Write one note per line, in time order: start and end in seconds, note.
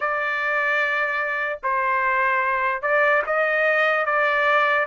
0.00 1.59 D5
1.63 2.82 C5
2.82 3.22 D5
3.26 4.05 D#5
4.05 4.86 D5